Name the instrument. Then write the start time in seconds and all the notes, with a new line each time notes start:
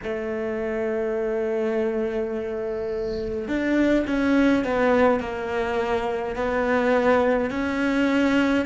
cello
0.03 A3
3.48 D4
4.06 C#4
4.64 B3
5.20 A#3
6.35 B3
7.50 C#4